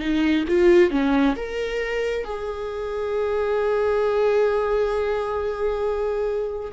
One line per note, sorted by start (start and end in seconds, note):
0.00 0.45 D#4
0.49 0.91 F4
0.91 1.36 C#4
1.36 2.25 A#4
2.25 6.72 G#4